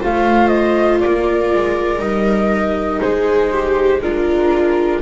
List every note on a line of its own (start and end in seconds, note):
0.00 1.04 A3
0.00 1.98 F4
0.00 1.00 C5
0.00 0.47 F5
0.47 0.97 D#5
1.00 1.54 A#3
1.00 3.01 A#4
1.00 2.00 D5
1.54 1.99 G#3
1.98 2.99 G3
1.98 3.98 D#4
1.98 3.00 D#5
3.01 5.01 G#3
3.01 3.51 G#4
3.01 4.01 C5
3.52 4.02 G4
4.01 5.01 D4
4.01 5.01 F4
4.01 5.01 A#4